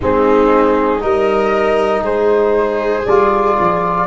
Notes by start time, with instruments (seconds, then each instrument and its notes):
0.00 tuba G#3, trombone C4, viola D#4, flute G#4
1.00 tuba G3, trombone D#4, viola A#4, flute D#5
2.01 tuba G#3, viola G#4, flute C5
3.06 tuba G3, trombone F4, flute D5
3.59 tuba F3